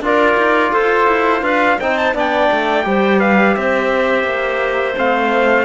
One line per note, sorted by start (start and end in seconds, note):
0.00 0.35 D4
0.00 1.79 F4
0.00 0.71 A#4
0.00 0.73 D5
0.37 0.72 D#4
0.71 1.07 F4
0.71 1.41 A4
0.71 1.43 C5
1.07 1.41 E4
1.41 1.77 D4
1.41 1.77 B4
1.41 1.79 F5
1.80 2.14 C4
1.80 2.14 D#4
1.80 2.14 C5
1.80 1.97 G5
1.97 2.14 A5
2.14 2.49 B3
2.14 2.83 D4
2.14 2.84 D5
2.14 3.20 G5
2.51 2.85 A3
2.83 3.56 G3
2.83 4.95 G4
2.83 3.20 C5
3.20 3.55 B4
3.20 3.54 F5
3.54 4.23 C4
3.54 5.65 C5
3.54 4.95 E5
4.23 4.94 A#3
4.96 5.65 A3
4.96 5.65 C4
4.96 5.65 F5